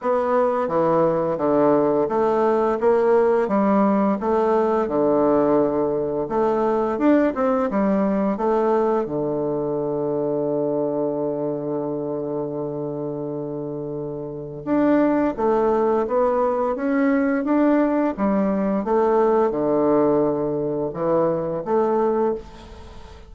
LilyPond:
\new Staff \with { instrumentName = "bassoon" } { \time 4/4 \tempo 4 = 86 b4 e4 d4 a4 | ais4 g4 a4 d4~ | d4 a4 d'8 c'8 g4 | a4 d2.~ |
d1~ | d4 d'4 a4 b4 | cis'4 d'4 g4 a4 | d2 e4 a4 | }